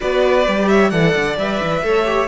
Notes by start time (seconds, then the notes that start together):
0.00 B3 F#4 B4 D5
0.47 G3 G4
0.68 C#5 E5
0.90 E3 A4 D5 F#5
1.15 D3
1.37 G3 B4 E5
1.62 E3
1.83 A3 A4 C#5
2.05 G4